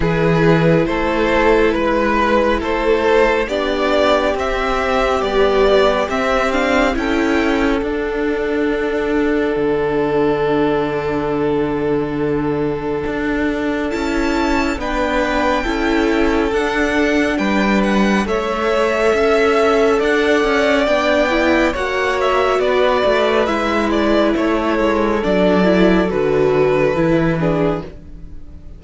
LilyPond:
<<
  \new Staff \with { instrumentName = "violin" } { \time 4/4 \tempo 4 = 69 b'4 c''4 b'4 c''4 | d''4 e''4 d''4 e''8 f''8 | g''4 fis''2.~ | fis''1 |
a''4 g''2 fis''4 | g''8 fis''8 e''2 fis''4 | g''4 fis''8 e''8 d''4 e''8 d''8 | cis''4 d''4 b'2 | }
  \new Staff \with { instrumentName = "violin" } { \time 4/4 gis'4 a'4 b'4 a'4 | g'1 | a'1~ | a'1~ |
a'4 b'4 a'2 | b'4 cis''4 e''4 d''4~ | d''4 cis''4 b'2 | a'2.~ a'8 gis'8 | }
  \new Staff \with { instrumentName = "viola" } { \time 4/4 e'1 | d'4 c'4 g4 c'8 d'8 | e'4 d'2.~ | d'1 |
e'4 d'4 e'4 d'4~ | d'4 a'2. | d'8 e'8 fis'2 e'4~ | e'4 d'8 e'8 fis'4 e'8 d'8 | }
  \new Staff \with { instrumentName = "cello" } { \time 4/4 e4 a4 gis4 a4 | b4 c'4 b4 c'4 | cis'4 d'2 d4~ | d2. d'4 |
cis'4 b4 cis'4 d'4 | g4 a4 cis'4 d'8 cis'8 | b4 ais4 b8 a8 gis4 | a8 gis8 fis4 d4 e4 | }
>>